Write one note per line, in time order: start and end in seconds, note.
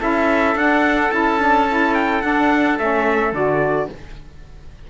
0.00 0.55 C#4
0.00 0.56 E4
0.00 3.89 A4
0.00 0.58 E5
0.55 1.11 D4
0.55 1.12 D4
0.55 1.12 F#5
1.12 2.23 C#4
1.12 1.39 E4
1.12 1.95 A5
1.39 1.67 D4
1.69 2.22 E4
1.95 2.22 G5
2.22 2.78 D4
2.22 2.80 D4
2.22 2.78 F#5
2.79 3.33 A3
2.79 3.34 C#4
2.79 3.35 E5
3.33 3.88 D3
3.33 3.90 F#4
3.33 3.91 D5